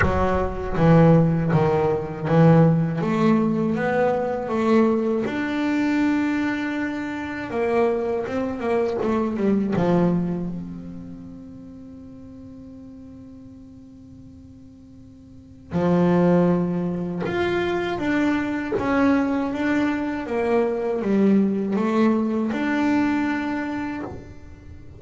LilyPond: \new Staff \with { instrumentName = "double bass" } { \time 4/4 \tempo 4 = 80 fis4 e4 dis4 e4 | a4 b4 a4 d'4~ | d'2 ais4 c'8 ais8 | a8 g8 f4 c'2~ |
c'1~ | c'4 f2 f'4 | d'4 cis'4 d'4 ais4 | g4 a4 d'2 | }